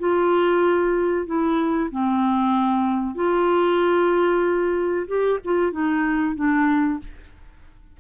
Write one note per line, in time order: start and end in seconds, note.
0.00 1.26 F4
1.26 1.90 E4
1.91 3.15 C4
3.15 5.07 F4
5.08 5.40 G4
5.45 5.72 F4
5.72 6.36 D#4
6.36 7.00 D4